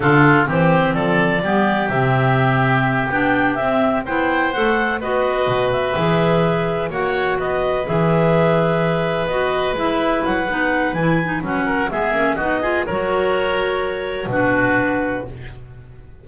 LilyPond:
<<
  \new Staff \with { instrumentName = "clarinet" } { \time 4/4 \tempo 4 = 126 a'4 c''4 d''2 | e''2~ e''8 g''4 e''8~ | e''8 g''4 fis''4 dis''4. | e''2~ e''8 fis''4 dis''8~ |
dis''8 e''2. dis''8~ | dis''8 e''4 fis''4. gis''4 | fis''4 e''4 dis''4 cis''4~ | cis''2 b'2 | }
  \new Staff \with { instrumentName = "oboe" } { \time 4/4 f'4 g'4 a'4 g'4~ | g'1~ | g'8 c''2 b'4.~ | b'2~ b'8 cis''4 b'8~ |
b'1~ | b'1~ | b'8 ais'8 gis'4 fis'8 gis'8 ais'4~ | ais'2 fis'2 | }
  \new Staff \with { instrumentName = "clarinet" } { \time 4/4 d'4 c'2 b4 | c'2~ c'8 d'4 c'8~ | c'8 e'4 a'4 fis'4.~ | fis'8 gis'2 fis'4.~ |
fis'8 gis'2. fis'8~ | fis'8 e'4. dis'4 e'8 dis'8 | cis'4 b8 cis'8 dis'8 f'8 fis'4~ | fis'2 d'2 | }
  \new Staff \with { instrumentName = "double bass" } { \time 4/4 d4 e4 f4 g4 | c2~ c8 b4 c'8~ | c'8 b4 a4 b4 b,8~ | b,8 e2 ais4 b8~ |
b8 e2. b8~ | b8 gis4 fis8 b4 e4 | fis4 gis8 ais8 b4 fis4~ | fis2 b,2 | }
>>